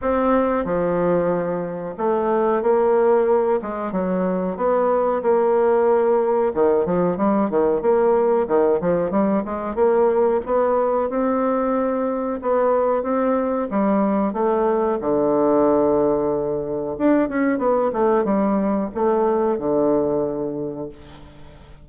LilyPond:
\new Staff \with { instrumentName = "bassoon" } { \time 4/4 \tempo 4 = 92 c'4 f2 a4 | ais4. gis8 fis4 b4 | ais2 dis8 f8 g8 dis8 | ais4 dis8 f8 g8 gis8 ais4 |
b4 c'2 b4 | c'4 g4 a4 d4~ | d2 d'8 cis'8 b8 a8 | g4 a4 d2 | }